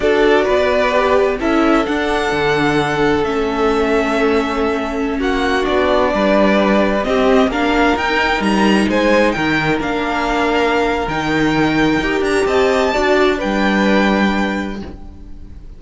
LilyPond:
<<
  \new Staff \with { instrumentName = "violin" } { \time 4/4 \tempo 4 = 130 d''2. e''4 | fis''2. e''4~ | e''2.~ e''16 fis''8.~ | fis''16 d''2. dis''8.~ |
dis''16 f''4 g''4 ais''4 gis''8.~ | gis''16 g''4 f''2~ f''8. | g''2~ g''8 ais''8 a''4~ | a''4 g''2. | }
  \new Staff \with { instrumentName = "violin" } { \time 4/4 a'4 b'2 a'4~ | a'1~ | a'2.~ a'16 fis'8.~ | fis'4~ fis'16 b'2 g'8.~ |
g'16 ais'2. c''8.~ | c''16 ais'2.~ ais'8.~ | ais'2. dis''4 | d''4 b'2. | }
  \new Staff \with { instrumentName = "viola" } { \time 4/4 fis'2 g'4 e'4 | d'2. cis'4~ | cis'1~ | cis'16 d'2. c'8.~ |
c'16 d'4 dis'2~ dis'8.~ | dis'4~ dis'16 d'2~ d'8. | dis'2 g'2 | fis'4 d'2. | }
  \new Staff \with { instrumentName = "cello" } { \time 4/4 d'4 b2 cis'4 | d'4 d2 a4~ | a2.~ a16 ais8.~ | ais16 b4 g2 c'8.~ |
c'16 ais4 dis'4 g4 gis8.~ | gis16 dis4 ais2~ ais8. | dis2 dis'8 d'8 c'4 | d'4 g2. | }
>>